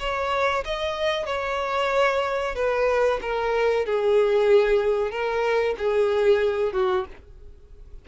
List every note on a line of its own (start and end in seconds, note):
0.00 0.65 C#5
0.65 1.26 D#5
1.26 2.55 C#5
2.56 3.20 B4
3.22 3.86 A#4
3.86 5.11 G#4
5.11 5.76 A#4
5.78 6.73 G#4
6.73 7.06 F#4